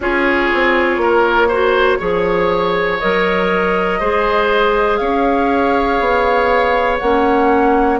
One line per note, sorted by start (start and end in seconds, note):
0.00 0.49 C#4
0.00 1.51 F4
0.00 1.01 G#4
0.00 2.99 C#5
0.53 0.97 C4
0.97 1.97 A#3
0.97 1.48 A#4
1.48 1.98 F#4
1.48 1.97 C5
1.98 3.00 F3
1.98 2.98 G#4
1.98 3.99 C#5
2.99 4.00 F#3
2.99 4.00 A#4
2.99 4.97 D#5
3.99 5.00 G#3
3.99 7.00 G#4
3.99 4.99 C5
4.97 6.00 C#4
4.97 8.00 C#5
4.97 6.97 F5
6.00 7.00 B3
6.99 8.00 A#3
6.99 8.00 C#4
6.99 7.99 F#5